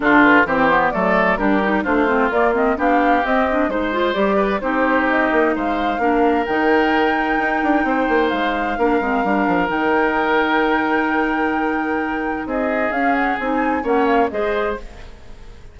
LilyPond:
<<
  \new Staff \with { instrumentName = "flute" } { \time 4/4 \tempo 4 = 130 a'8 b'8 c''4 d''4 ais'4 | c''4 d''8 dis''8 f''4 dis''4 | c''4 d''4 c''4 dis''4 | f''2 g''2~ |
g''2 f''2~ | f''4 g''2.~ | g''2. dis''4 | f''8 fis''8 gis''4 fis''8 f''8 dis''4 | }
  \new Staff \with { instrumentName = "oboe" } { \time 4/4 f'4 g'4 a'4 g'4 | f'2 g'2 | c''4. b'8 g'2 | c''4 ais'2.~ |
ais'4 c''2 ais'4~ | ais'1~ | ais'2. gis'4~ | gis'2 cis''4 c''4 | }
  \new Staff \with { instrumentName = "clarinet" } { \time 4/4 d'4 c'8 b8 a4 d'8 dis'8 | d'8 c'8 ais8 c'8 d'4 c'8 d'8 | dis'8 f'8 g'4 dis'2~ | dis'4 d'4 dis'2~ |
dis'2. d'8 c'8 | d'4 dis'2.~ | dis'1 | cis'4 dis'4 cis'4 gis'4 | }
  \new Staff \with { instrumentName = "bassoon" } { \time 4/4 d4 e4 fis4 g4 | a4 ais4 b4 c'4 | gis4 g4 c'4. ais8 | gis4 ais4 dis2 |
dis'8 d'8 c'8 ais8 gis4 ais8 gis8 | g8 f8 dis2.~ | dis2. c'4 | cis'4 c'4 ais4 gis4 | }
>>